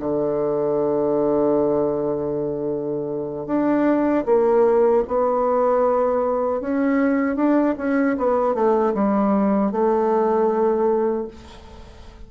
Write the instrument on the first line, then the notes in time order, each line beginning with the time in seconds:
bassoon
0.00 D3
3.47 D4
4.26 A#3
5.08 B3
6.61 C#4
7.37 D4
7.78 C#4
8.18 B3
8.55 A3
8.95 G3
9.72 A3